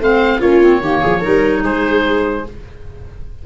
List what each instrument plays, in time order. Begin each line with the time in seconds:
0.00 tuba A3, clarinet C4, viola C5, oboe F5
0.39 tuba A#3, clarinet C#4, viola F4, oboe C#5
0.61 clarinet C4
0.81 tuba D#3, clarinet A#3, viola G4
1.01 tuba F3, viola G#4
1.20 tuba G3, clarinet D#4, viola A#4
1.63 tuba G#3, viola G#4, oboe C5